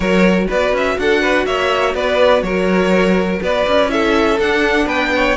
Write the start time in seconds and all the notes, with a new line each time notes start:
0.00 F#3 F#4 A#4 C#5
0.47 B3 B4 D5
0.72 C#4 E5
0.98 D4 A4 F#5
1.21 B4
1.45 A#3 C#5 E5
1.94 B3 B4 D5
2.42 F#3 A#4 C#5
3.42 B3 B4 D5
3.66 C#4
3.88 E4 A4 E5
4.38 D4 F#5
4.85 B3 B4 G5
5.15 C#5